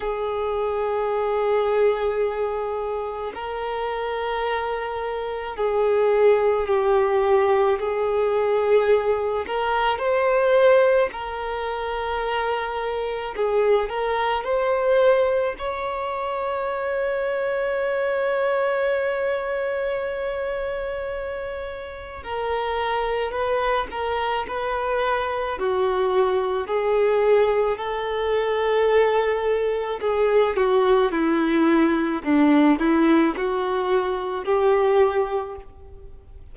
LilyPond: \new Staff \with { instrumentName = "violin" } { \time 4/4 \tempo 4 = 54 gis'2. ais'4~ | ais'4 gis'4 g'4 gis'4~ | gis'8 ais'8 c''4 ais'2 | gis'8 ais'8 c''4 cis''2~ |
cis''1 | ais'4 b'8 ais'8 b'4 fis'4 | gis'4 a'2 gis'8 fis'8 | e'4 d'8 e'8 fis'4 g'4 | }